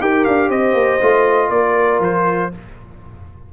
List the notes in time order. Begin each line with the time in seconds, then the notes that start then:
0.00 D#4 G4 A#4 G5
0.25 D4 F5
0.49 C4 C5 D#5
0.74 A#3
1.01 A3 F4
1.50 A#3 A#4 D5
2.00 F3 C5